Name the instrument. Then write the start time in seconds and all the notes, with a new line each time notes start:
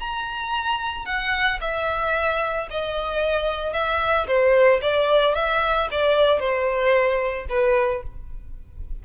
violin
0.00 A#5
1.06 F#5
1.61 E5
2.71 D#5
3.74 E5
4.27 C5
4.82 D5
5.35 E5
5.92 D5
6.40 C5
7.50 B4